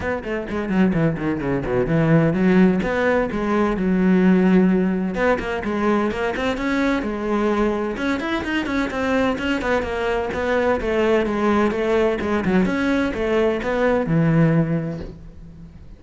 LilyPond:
\new Staff \with { instrumentName = "cello" } { \time 4/4 \tempo 4 = 128 b8 a8 gis8 fis8 e8 dis8 cis8 b,8 | e4 fis4 b4 gis4 | fis2. b8 ais8 | gis4 ais8 c'8 cis'4 gis4~ |
gis4 cis'8 e'8 dis'8 cis'8 c'4 | cis'8 b8 ais4 b4 a4 | gis4 a4 gis8 fis8 cis'4 | a4 b4 e2 | }